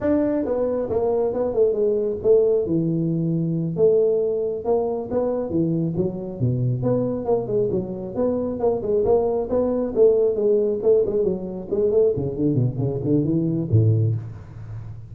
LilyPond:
\new Staff \with { instrumentName = "tuba" } { \time 4/4 \tempo 4 = 136 d'4 b4 ais4 b8 a8 | gis4 a4 e2~ | e8 a2 ais4 b8~ | b8 e4 fis4 b,4 b8~ |
b8 ais8 gis8 fis4 b4 ais8 | gis8 ais4 b4 a4 gis8~ | gis8 a8 gis8 fis4 gis8 a8 cis8 | d8 b,8 cis8 d8 e4 a,4 | }